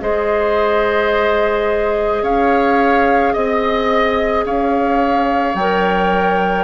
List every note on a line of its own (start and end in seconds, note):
0.00 2.22 G#3
0.00 5.56 G#4
0.00 2.23 C5
0.00 2.24 D#5
2.22 3.34 C#4
2.22 3.34 C#5
2.22 3.34 F5
3.34 4.45 C4
3.34 4.45 D#5
4.45 5.55 C#4
4.45 6.65 C#5
4.45 5.56 F5
5.55 6.65 F#3
5.55 6.65 A#4
5.55 6.65 G5